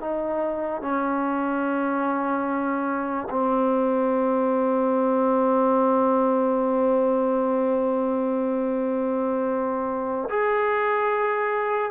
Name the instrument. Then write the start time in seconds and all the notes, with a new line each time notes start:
trombone
0.00 D#4
0.81 C#4
3.30 C4
10.29 G#4